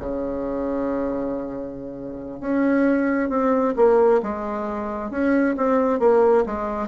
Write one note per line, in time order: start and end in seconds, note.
0.00 2.41 C#3
2.41 3.30 C#4
3.30 3.74 C4
3.77 4.21 A#3
4.23 5.11 G#3
5.11 5.56 C#4
5.57 6.00 C4
6.00 6.45 A#3
6.46 6.88 G#3